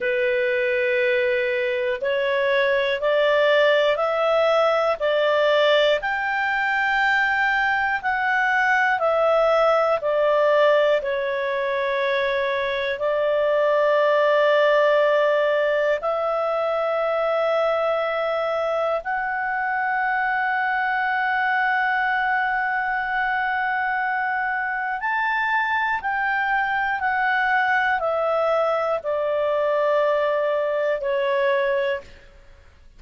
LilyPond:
\new Staff \with { instrumentName = "clarinet" } { \time 4/4 \tempo 4 = 60 b'2 cis''4 d''4 | e''4 d''4 g''2 | fis''4 e''4 d''4 cis''4~ | cis''4 d''2. |
e''2. fis''4~ | fis''1~ | fis''4 a''4 g''4 fis''4 | e''4 d''2 cis''4 | }